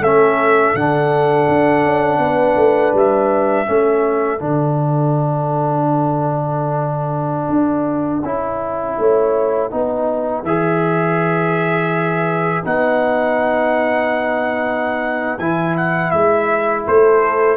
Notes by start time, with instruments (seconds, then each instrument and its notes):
0.00 tuba A3, trombone C#4, horn A4, trumpet E5
0.74 tuba D3, trombone D4, trumpet F#5
1.48 tuba D4
1.84 tuba C#4
2.18 tuba B3, horn B4
2.56 tuba A3
2.94 tuba G3, trumpet E5
3.66 tuba A3, trombone C#4, horn A4
4.39 tuba D3, trombone D4, trumpet F#5
7.49 tuba D4
8.23 tuba C#4, trombone E4
8.98 tuba A3, horn C#5
9.70 tuba B3, trombone D#4, horn B4
10.43 tuba E3, trombone G#4, trumpet E5
12.64 tuba B3, trombone D#4, trumpet F#5
15.39 tuba E3, trombone E4, trumpet G#5
15.77 trumpet F#5
16.11 tuba G#3, trumpet E5
16.87 tuba A3, horn A4, trumpet C5